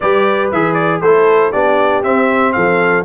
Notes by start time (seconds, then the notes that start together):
0.00 G3 G4 B4 D5
0.51 E3 G#4 E5
0.73 D5
1.01 A3 E4 A4 C5
1.52 B3 D4 G4 D5
2.03 C4 E5
2.52 F3 A4 F5